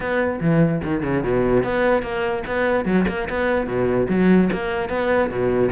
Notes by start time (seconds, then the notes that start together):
0.00 B3
0.40 E3
0.83 D#3
1.02 C#3
1.23 B2
1.63 B3
2.02 A#3
2.46 B3
2.85 F#3
3.08 A#3
3.29 B3
3.67 B2
4.09 F#3
4.52 A#3
4.89 B3
5.30 B2